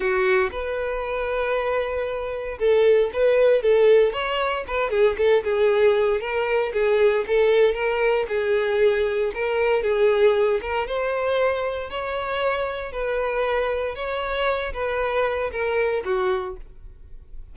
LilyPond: \new Staff \with { instrumentName = "violin" } { \time 4/4 \tempo 4 = 116 fis'4 b'2.~ | b'4 a'4 b'4 a'4 | cis''4 b'8 gis'8 a'8 gis'4. | ais'4 gis'4 a'4 ais'4 |
gis'2 ais'4 gis'4~ | gis'8 ais'8 c''2 cis''4~ | cis''4 b'2 cis''4~ | cis''8 b'4. ais'4 fis'4 | }